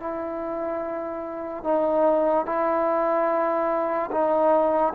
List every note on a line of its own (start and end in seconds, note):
0.00 1.64 E4
1.64 2.45 D#4
2.45 4.10 E4
4.11 4.94 D#4